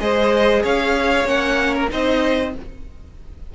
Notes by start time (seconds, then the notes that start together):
0.00 G#3 G#4 C5 D#5
0.63 C#4 C#5 F5
1.25 A#3 C#4 F#5
1.75 A#4
1.90 C4 D#4 C5 D#5